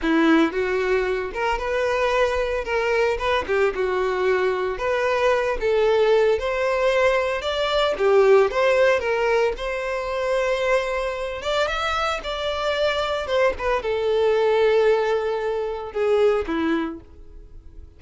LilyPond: \new Staff \with { instrumentName = "violin" } { \time 4/4 \tempo 4 = 113 e'4 fis'4. ais'8 b'4~ | b'4 ais'4 b'8 g'8 fis'4~ | fis'4 b'4. a'4. | c''2 d''4 g'4 |
c''4 ais'4 c''2~ | c''4. d''8 e''4 d''4~ | d''4 c''8 b'8 a'2~ | a'2 gis'4 e'4 | }